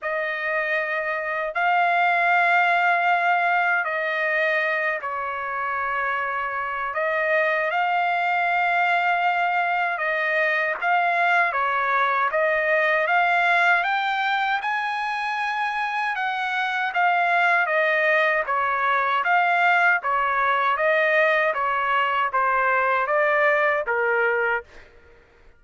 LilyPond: \new Staff \with { instrumentName = "trumpet" } { \time 4/4 \tempo 4 = 78 dis''2 f''2~ | f''4 dis''4. cis''4.~ | cis''4 dis''4 f''2~ | f''4 dis''4 f''4 cis''4 |
dis''4 f''4 g''4 gis''4~ | gis''4 fis''4 f''4 dis''4 | cis''4 f''4 cis''4 dis''4 | cis''4 c''4 d''4 ais'4 | }